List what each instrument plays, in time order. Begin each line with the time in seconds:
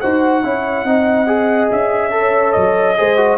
0.00 tuba D#4, trombone F#4, horn C5, trumpet F#5
0.43 tuba C#4, trombone E4, horn C#5
0.84 tuba C4, trombone D#4, horn D#5
1.27 trombone G#4
1.71 tuba C#4, trumpet E5
2.11 trombone A4, horn C#5
2.53 tuba F#3, trumpet D#5
2.97 tuba G#3, trombone G#4, horn C5
3.17 trombone F#4